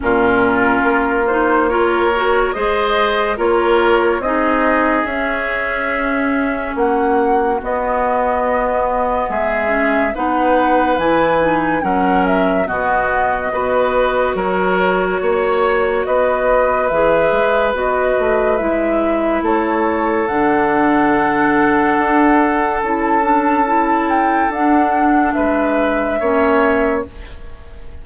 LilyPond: <<
  \new Staff \with { instrumentName = "flute" } { \time 4/4 \tempo 4 = 71 ais'4. c''8 cis''4 dis''4 | cis''4 dis''4 e''2 | fis''4 dis''2 e''4 | fis''4 gis''4 fis''8 e''8 dis''4~ |
dis''4 cis''2 dis''4 | e''4 dis''4 e''4 cis''4 | fis''2. a''4~ | a''8 g''8 fis''4 e''2 | }
  \new Staff \with { instrumentName = "oboe" } { \time 4/4 f'2 ais'4 c''4 | ais'4 gis'2. | fis'2. gis'4 | b'2 ais'4 fis'4 |
b'4 ais'4 cis''4 b'4~ | b'2. a'4~ | a'1~ | a'2 b'4 cis''4 | }
  \new Staff \with { instrumentName = "clarinet" } { \time 4/4 cis'4. dis'8 f'8 fis'8 gis'4 | f'4 dis'4 cis'2~ | cis'4 b2~ b8 cis'8 | dis'4 e'8 dis'8 cis'4 b4 |
fis'1 | gis'4 fis'4 e'2 | d'2. e'8 d'8 | e'4 d'2 cis'4 | }
  \new Staff \with { instrumentName = "bassoon" } { \time 4/4 ais,4 ais2 gis4 | ais4 c'4 cis'2 | ais4 b2 gis4 | b4 e4 fis4 b,4 |
b4 fis4 ais4 b4 | e8 gis8 b8 a8 gis4 a4 | d2 d'4 cis'4~ | cis'4 d'4 gis4 ais4 | }
>>